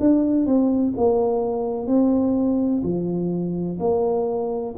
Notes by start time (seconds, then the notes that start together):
0.00 D4
0.46 C4
0.97 A#3
1.87 C4
2.83 F3
3.80 A#3